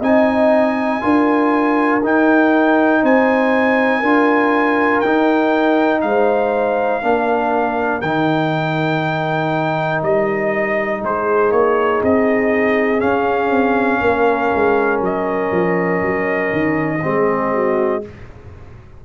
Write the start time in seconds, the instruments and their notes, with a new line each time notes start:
0.00 tuba C4, trombone D#4, horn D#5, trumpet G#5
1.01 tuba D4, trombone F4, horn A#4
2.03 tuba D#4, trombone D#4, trumpet G5
3.02 tuba C4, horn C5, trumpet G#5
4.00 tuba D4, trombone F4, horn A#4
5.01 tuba D#4, trombone D#4, trumpet G5
6.01 tuba G#3, horn C5, trumpet F5
7.02 tuba A#3, trombone D4, horn A#4
8.01 tuba D#3, trombone D#4, trumpet G5
10.03 tuba G3, trumpet D#5
11.01 tuba G#3, horn G#4, trumpet C5
11.51 tuba A#3, trumpet C#5
12.03 tuba C4, trumpet D#5
12.99 trombone C#4, tuba C#4, trumpet F5
13.51 tuba C4
14.01 tuba A#3, horn A#4
14.55 tuba G#3
15.01 tuba F#3, trumpet D#5
15.51 tuba F3
16.02 tuba F#3
16.52 tuba D#3
17.02 tuba G#3, trombone C4, horn G#4
17.54 horn F#4